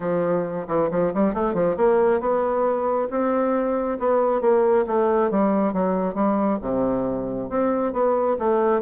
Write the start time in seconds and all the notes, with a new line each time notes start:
0.00 F3
0.67 E3
0.90 F3
1.14 G3
1.34 A3
1.54 F3
1.76 A#3
2.20 B3
3.10 C4
3.99 B3
4.41 A#3
4.86 A3
5.31 G3
5.73 F#3
6.14 G3
6.61 C3
7.49 C4
7.92 B3
8.38 A3